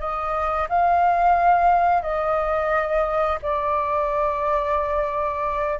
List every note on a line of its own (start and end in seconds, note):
0.00 0.68 D#5
0.69 2.02 F5
2.02 3.39 D#5
3.42 5.80 D5